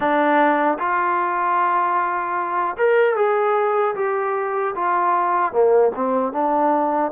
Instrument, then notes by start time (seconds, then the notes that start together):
trombone
0.00 D4
0.79 F4
2.77 A#4
3.16 G#4
3.95 G4
4.75 F4
5.52 A#3
5.95 C4
6.32 D4